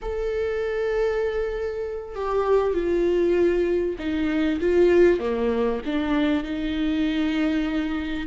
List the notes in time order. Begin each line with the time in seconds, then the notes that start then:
0.01 A4
2.15 G4
2.73 F4
3.98 D#4
4.60 F4
5.19 A#3
5.85 D4
6.43 D#4